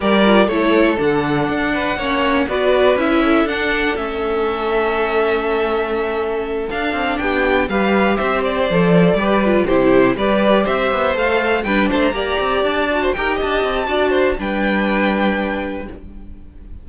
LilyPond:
<<
  \new Staff \with { instrumentName = "violin" } { \time 4/4 \tempo 4 = 121 d''4 cis''4 fis''2~ | fis''4 d''4 e''4 fis''4 | e''1~ | e''4. f''4 g''4 f''8~ |
f''8 e''8 d''2~ d''8 c''8~ | c''8 d''4 e''4 f''4 g''8 | a''16 ais''4~ ais''16 a''4 g''8 a''4~ | a''4 g''2. | }
  \new Staff \with { instrumentName = "violin" } { \time 4/4 ais'4 a'2~ a'8 b'8 | cis''4 b'4. a'4.~ | a'1~ | a'2~ a'8 g'4 b'8~ |
b'8 c''2 b'4 g'8~ | g'8 b'4 c''2 b'8 | c''8 d''4.~ d''16 c''16 ais'8 dis''4 | d''8 c''8 b'2. | }
  \new Staff \with { instrumentName = "viola" } { \time 4/4 g'8 f'8 e'4 d'2 | cis'4 fis'4 e'4 d'4 | cis'1~ | cis'4. d'2 g'8~ |
g'4. a'4 g'8 f'8 e'8~ | e'8 g'2 a'4 d'8~ | d'8 g'4. fis'8 g'4. | fis'4 d'2. | }
  \new Staff \with { instrumentName = "cello" } { \time 4/4 g4 a4 d4 d'4 | ais4 b4 cis'4 d'4 | a1~ | a4. d'8 c'8 b4 g8~ |
g8 c'4 f4 g4 c8~ | c8 g4 c'8 b8 a4 g8 | a8 ais8 c'8 d'4 dis'8 d'8 c'8 | d'4 g2. | }
>>